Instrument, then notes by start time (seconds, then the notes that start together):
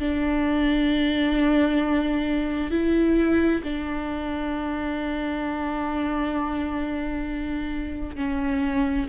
viola
0.00 D4
2.71 E4
3.64 D4
8.17 C#4